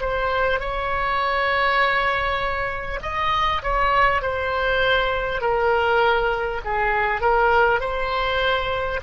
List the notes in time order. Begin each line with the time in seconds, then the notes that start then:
0.00 C5
0.59 C#5
3.02 D#5
3.62 C#5
4.22 C5
5.41 A#4
6.64 G#4
7.21 A#4
7.80 C5